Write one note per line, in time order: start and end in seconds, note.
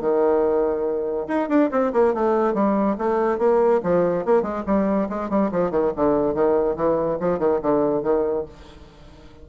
0.00 1.27 D#3
1.27 1.48 D#4
1.49 1.70 D4
1.71 1.92 C4
1.93 2.14 A#3
2.14 2.54 A3
2.54 2.96 G3
2.98 3.38 A3
3.38 3.80 A#3
3.83 4.25 F3
4.25 4.42 A#3
4.42 4.63 G#3
4.66 5.08 G3
5.09 5.29 G#3
5.29 5.50 G3
5.51 5.71 F3
5.71 5.92 D#3
5.96 6.34 D3
6.34 6.76 D#3
6.76 7.18 E3
7.20 7.38 F3
7.38 7.60 D#3
7.62 8.03 D3
8.03 8.45 D#3